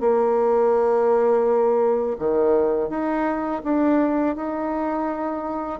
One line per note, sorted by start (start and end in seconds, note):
0.00 2.17 A#3
2.19 2.89 D#3
2.89 3.61 D#4
3.63 4.35 D4
4.35 5.80 D#4